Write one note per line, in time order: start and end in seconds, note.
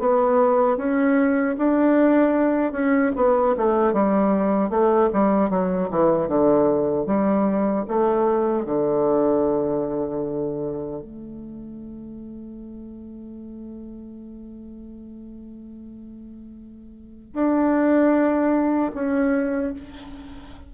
0.00 0.78 B3
0.78 1.56 C#4
1.59 2.73 D4
2.73 3.12 C#4
3.17 3.56 B3
3.58 3.93 A3
3.93 4.70 G3
4.70 5.10 A3
5.14 5.50 G3
5.50 5.90 F#3
5.91 6.28 E3
6.28 7.07 D3
7.07 7.86 G3
7.88 8.66 A3
8.66 11.03 D3
11.03 17.34 A3
17.34 18.92 D4
18.95 19.74 C#4